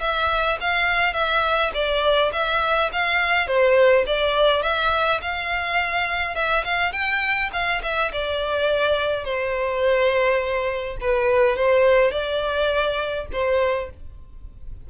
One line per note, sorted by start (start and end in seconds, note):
0.00 0.58 E5
0.60 1.13 F5
1.13 1.71 E5
1.74 2.31 D5
2.32 2.90 E5
2.92 3.47 F5
3.47 4.04 C5
4.06 4.62 D5
4.62 5.20 E5
5.21 6.35 F5
6.35 6.64 E5
6.64 6.92 F5
6.92 7.50 G5
7.53 7.81 F5
7.83 8.11 E5
8.12 9.24 D5
9.24 10.97 C5
11.00 11.56 B4
11.56 12.11 C5
12.11 13.26 D5
13.32 13.90 C5